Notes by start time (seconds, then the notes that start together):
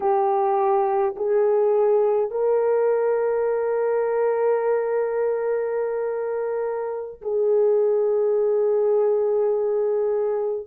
0.00 G4
1.15 G#4
2.30 A#4
7.21 G#4